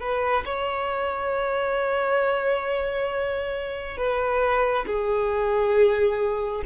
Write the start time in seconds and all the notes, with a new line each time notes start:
0.00 B4
0.45 C#5
3.97 B4
4.86 G#4